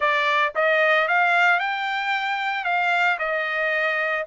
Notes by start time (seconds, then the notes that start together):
0.00 D5
0.55 D#5
1.08 F5
1.59 G5
2.64 F5
3.19 D#5